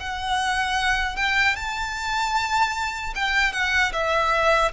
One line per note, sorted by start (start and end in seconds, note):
0.00 1.16 F#5
1.16 1.56 G5
1.56 3.14 A5
3.15 3.53 G5
3.53 3.93 F#5
3.93 4.72 E5